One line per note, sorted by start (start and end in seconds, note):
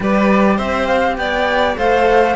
0.00 0.58 G3
0.00 1.75 G4
0.00 0.56 B4
0.00 0.58 D5
0.56 1.17 C4
0.56 1.15 C5
0.56 0.86 E5
0.86 1.15 F5
1.17 1.76 B3
1.17 1.77 D5
1.17 1.75 G5
1.75 2.35 A3
1.75 2.34 A4
1.75 2.35 C5
1.75 2.35 F5